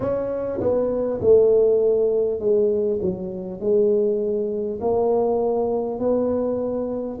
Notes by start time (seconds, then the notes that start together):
0.00 C#4
0.60 B3
1.21 A3
2.39 G#3
3.01 F#3
3.60 G#3
4.80 A#3
5.99 B3